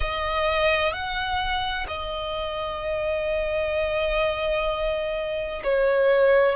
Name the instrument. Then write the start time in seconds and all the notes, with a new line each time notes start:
violin
0.00 D#5
0.92 F#5
1.87 D#5
5.63 C#5